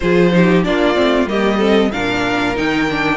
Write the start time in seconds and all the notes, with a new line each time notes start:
0.00 F3 F4 G#4 C5
0.32 D#4 G4
0.63 A#3 D4 F4 D5
0.94 A3 C4
1.26 G3 A#3 G4 D#5
1.57 C4 A4
1.91 A#2 D4 A#4 F5
2.55 D#3 D#4 G5
2.90 D4